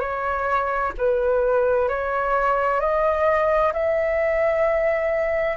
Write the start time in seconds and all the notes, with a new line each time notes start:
0.00 C#5
0.98 B4
1.88 C#5
2.80 D#5
3.73 E5